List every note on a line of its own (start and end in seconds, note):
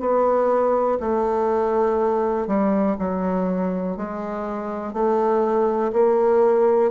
0.00 0.98 B3
1.00 2.47 A3
2.47 2.96 G3
2.99 3.97 F#3
3.97 4.93 G#3
4.93 5.92 A3
5.93 6.91 A#3